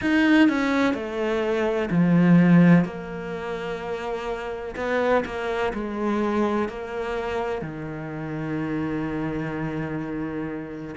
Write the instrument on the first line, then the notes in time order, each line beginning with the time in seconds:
cello
0.01 D#4
0.48 C#4
0.94 A3
1.90 F3
2.84 A#3
4.76 B3
5.25 A#3
5.73 G#3
6.68 A#3
7.61 D#3